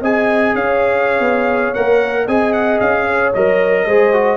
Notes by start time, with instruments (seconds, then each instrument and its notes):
0.00 tuba C4, trombone G#4, horn D#5, trumpet G#5
0.54 tuba C#4, horn C#5, trumpet F5
1.19 tuba B3
1.73 tuba A#3, trombone A#4, trumpet F#5
2.25 tuba C4, trombone G#4, horn D#5, trumpet G#5
2.52 trumpet F#5
2.79 tuba C#4, trumpet F5
3.06 horn C#5
3.34 tuba F#3, trombone A#4, trumpet D#5
3.85 tuba G#3, trombone G#4, horn C5
4.13 trombone F#4